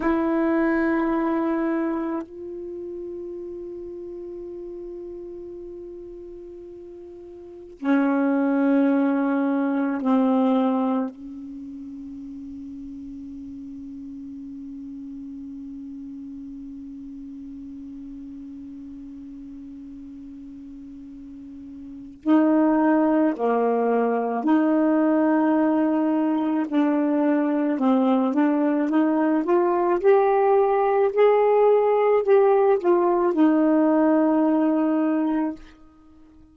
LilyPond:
\new Staff \with { instrumentName = "saxophone" } { \time 4/4 \tempo 4 = 54 e'2 f'2~ | f'2. cis'4~ | cis'4 c'4 cis'2~ | cis'1~ |
cis'1 | dis'4 ais4 dis'2 | d'4 c'8 d'8 dis'8 f'8 g'4 | gis'4 g'8 f'8 dis'2 | }